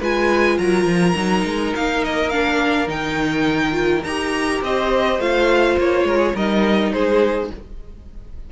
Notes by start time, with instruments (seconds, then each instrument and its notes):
0.00 cello G#3, viola F4, violin B4 G#5
0.58 cello F#3, violin A#4 A#5
0.85 cello F3
1.16 cello F#3, viola D#4
1.45 cello G#3
1.75 cello A#3, violin F5
2.04 violin D#5
2.30 viola D4, violin F5
2.88 cello D#3, viola D#4, violin G5
3.72 viola F4
4.03 cello D#4, viola G4, violin A#5
4.61 cello C4, violin C5 D#5
5.19 cello A3, viola F4, violin F5
5.78 cello A#3, violin C#5
6.04 cello G#3, violin A#4
6.18 violin G#4
6.35 cello G3, viola D#4, violin A#4 D#5
6.93 cello G#3, violin G#4 C5